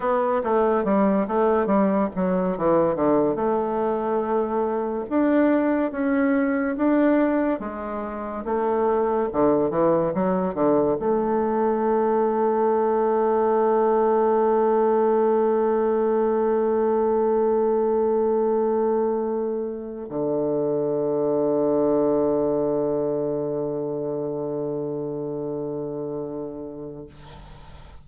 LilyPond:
\new Staff \with { instrumentName = "bassoon" } { \time 4/4 \tempo 4 = 71 b8 a8 g8 a8 g8 fis8 e8 d8 | a2 d'4 cis'4 | d'4 gis4 a4 d8 e8 | fis8 d8 a2.~ |
a1~ | a2.~ a8. d16~ | d1~ | d1 | }